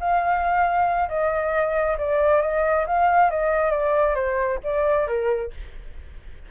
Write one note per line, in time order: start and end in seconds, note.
0.00 1.09 F5
1.09 1.97 D#5
1.98 2.41 D5
2.41 2.86 D#5
2.86 3.30 F5
3.30 3.71 D#5
3.71 4.15 D5
4.15 4.59 C5
4.64 5.07 D5
5.07 5.51 A#4